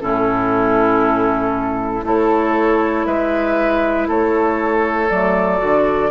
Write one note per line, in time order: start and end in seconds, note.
0.00 2.04 A2
0.00 2.03 C#4
0.00 2.05 E4
0.00 2.04 A4
2.03 3.06 A3
2.03 5.08 E4
2.03 3.07 A4
2.03 3.05 C#5
3.05 4.08 G#3
3.05 4.08 B4
3.05 4.07 E5
4.08 5.10 A3
4.08 6.11 A4
4.08 5.10 C#5
5.10 5.61 F#3
5.10 5.58 A3
5.10 6.11 D5
5.58 6.11 D3
5.58 6.09 F#4